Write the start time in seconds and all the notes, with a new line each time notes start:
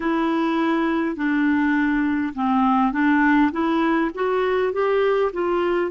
0.00 E4
1.16 D4
2.34 C4
2.92 D4
3.52 E4
4.14 F#4
4.73 G4
5.33 F4